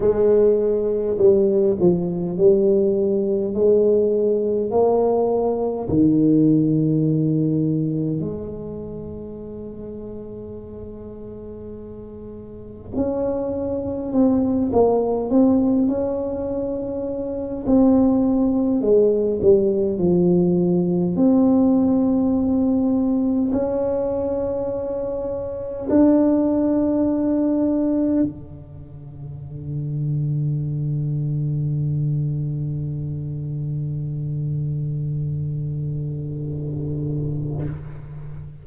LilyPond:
\new Staff \with { instrumentName = "tuba" } { \time 4/4 \tempo 4 = 51 gis4 g8 f8 g4 gis4 | ais4 dis2 gis4~ | gis2. cis'4 | c'8 ais8 c'8 cis'4. c'4 |
gis8 g8 f4 c'2 | cis'2 d'2 | d1~ | d1 | }